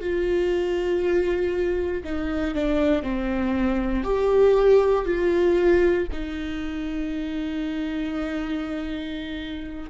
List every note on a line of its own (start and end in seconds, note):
0.00 2.03 F4
2.04 2.54 D#4
2.54 3.02 D4
3.02 4.04 C4
4.04 5.05 G4
5.05 6.07 F4
6.12 9.90 D#4